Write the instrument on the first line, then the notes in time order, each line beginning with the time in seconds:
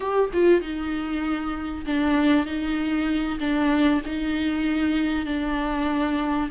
viola
0.00 G4
0.33 F4
0.61 D#4
1.86 D4
2.45 D#4
3.39 D4
4.05 D#4
5.25 D4